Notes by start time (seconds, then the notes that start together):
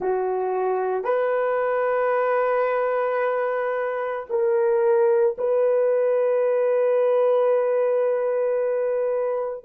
0.00 F#4
1.04 B4
4.29 A#4
5.38 B4